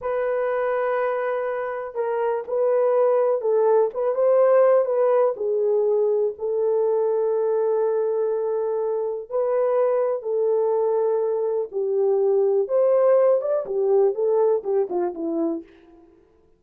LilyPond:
\new Staff \with { instrumentName = "horn" } { \time 4/4 \tempo 4 = 123 b'1 | ais'4 b'2 a'4 | b'8 c''4. b'4 gis'4~ | gis'4 a'2.~ |
a'2. b'4~ | b'4 a'2. | g'2 c''4. d''8 | g'4 a'4 g'8 f'8 e'4 | }